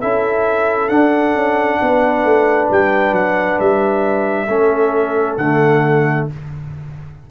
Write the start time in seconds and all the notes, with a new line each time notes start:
0.00 C#4 E4 A4 E5
0.89 D4 F#5
1.35 C#4
1.82 B3 B4
2.25 A3
2.71 G3 G5
3.12 F#3 F#5
3.60 G3 E5
4.48 A3 C#4 A4
5.37 D3 A3 F#5